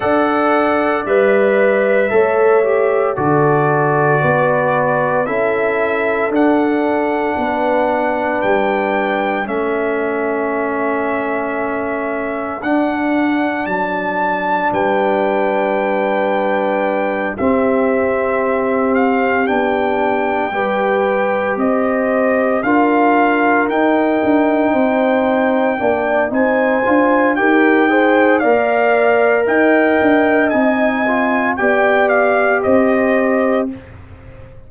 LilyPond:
<<
  \new Staff \with { instrumentName = "trumpet" } { \time 4/4 \tempo 4 = 57 fis''4 e''2 d''4~ | d''4 e''4 fis''2 | g''4 e''2. | fis''4 a''4 g''2~ |
g''8 e''4. f''8 g''4.~ | g''8 dis''4 f''4 g''4.~ | g''4 gis''4 g''4 f''4 | g''4 gis''4 g''8 f''8 dis''4 | }
  \new Staff \with { instrumentName = "horn" } { \time 4/4 d''2 cis''4 a'4 | b'4 a'2 b'4~ | b'4 a'2.~ | a'2 b'2~ |
b'8 g'2. b'8~ | b'8 c''4 ais'2 c''8~ | c''8 d''8 c''4 ais'8 c''8 d''4 | dis''2 d''4 c''4 | }
  \new Staff \with { instrumentName = "trombone" } { \time 4/4 a'4 b'4 a'8 g'8 fis'4~ | fis'4 e'4 d'2~ | d'4 cis'2. | d'1~ |
d'8 c'2 d'4 g'8~ | g'4. f'4 dis'4.~ | dis'8 d'8 dis'8 f'8 g'8 gis'8 ais'4~ | ais'4 dis'8 f'8 g'2 | }
  \new Staff \with { instrumentName = "tuba" } { \time 4/4 d'4 g4 a4 d4 | b4 cis'4 d'4 b4 | g4 a2. | d'4 fis4 g2~ |
g8 c'2 b4 g8~ | g8 c'4 d'4 dis'8 d'8 c'8~ | c'8 ais8 c'8 d'8 dis'4 ais4 | dis'8 d'8 c'4 b4 c'4 | }
>>